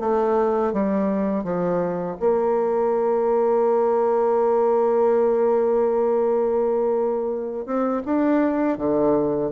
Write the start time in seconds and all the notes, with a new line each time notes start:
0.00 A3
0.73 G3
1.44 F3
2.20 A#3
7.66 C4
8.06 D4
8.78 D3